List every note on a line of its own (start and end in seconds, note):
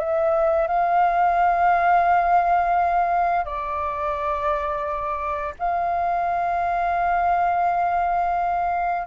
0.00 0.68 E5
0.68 3.46 F5
3.46 5.55 D5
5.59 9.08 F5